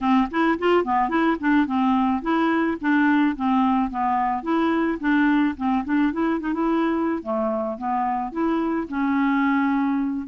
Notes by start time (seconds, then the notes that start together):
0.00 C4
0.30 E4
0.58 F4
0.84 B3
1.09 E4
1.39 D4
1.66 C4
2.22 E4
2.80 D4
3.36 C4
3.90 B3
4.42 E4
4.99 D4
5.56 C4
5.85 D4
6.13 E4
6.40 D#4
6.53 E4
7.22 A3
7.78 B3
8.32 E4
8.88 C#4